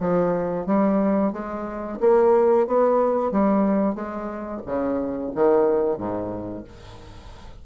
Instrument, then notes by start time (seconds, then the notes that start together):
bassoon
0.00 F3
0.66 G3
1.33 G#3
2.00 A#3
2.67 B3
3.32 G3
3.95 G#3
4.66 C#3
5.35 D#3
5.98 G#2